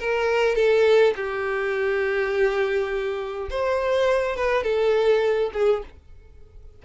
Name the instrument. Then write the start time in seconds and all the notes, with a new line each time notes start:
violin
0.00 A#4
0.56 A4
1.16 G4
3.50 C5
4.36 B4
4.63 A4
5.54 G#4